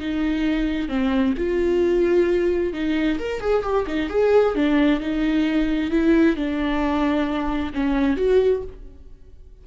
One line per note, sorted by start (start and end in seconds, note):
0.00 0.89 D#4
0.89 1.34 C4
1.37 2.73 F4
2.73 3.19 D#4
3.19 3.41 A#4
3.41 3.63 G#4
3.63 3.86 G4
3.87 4.10 D#4
4.10 4.55 G#4
4.55 5.00 D4
5.00 5.91 D#4
5.91 6.36 E4
6.36 7.73 D4
7.74 8.17 C#4
8.17 8.62 F#4